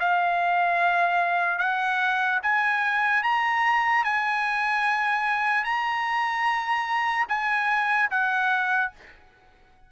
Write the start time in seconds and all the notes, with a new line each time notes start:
0.00 F5
1.59 F#5
2.43 G#5
3.23 A#5
4.05 G#5
5.65 A#5
7.29 G#5
8.11 F#5